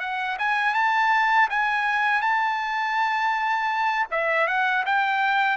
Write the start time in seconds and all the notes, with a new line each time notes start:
0.00 F#5
0.39 G#5
0.74 A5
1.50 G#5
2.21 A5
4.11 E5
4.47 F#5
4.86 G5